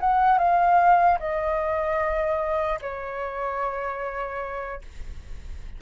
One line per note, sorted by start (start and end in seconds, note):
0.00 0.38 F#5
0.38 1.18 F5
1.19 2.79 D#5
2.81 4.81 C#5